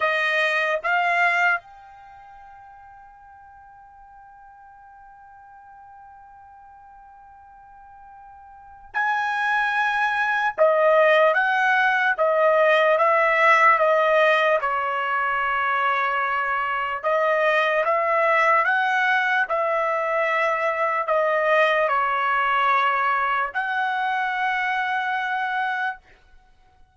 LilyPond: \new Staff \with { instrumentName = "trumpet" } { \time 4/4 \tempo 4 = 74 dis''4 f''4 g''2~ | g''1~ | g''2. gis''4~ | gis''4 dis''4 fis''4 dis''4 |
e''4 dis''4 cis''2~ | cis''4 dis''4 e''4 fis''4 | e''2 dis''4 cis''4~ | cis''4 fis''2. | }